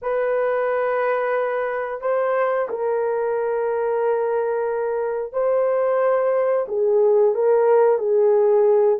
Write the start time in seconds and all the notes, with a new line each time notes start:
0.02 B4
2.01 C5
2.69 A#4
5.32 C5
6.68 G#4
7.34 A#4
7.98 G#4